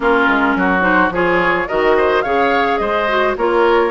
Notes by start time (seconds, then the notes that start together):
0.00 A#3 C#4 F4 A#4
0.28 G#3
0.55 F#3 F#4
0.80 D#4 C5
1.10 F3 F4 G#4 C#5
1.68 D#3 F#4 A#4 D#5
1.97 C5
2.21 C#3 G#4 C#5 F5
2.77 G#3 C5 D#5
3.08 F#4
3.36 A#3 F4 A#4 C#5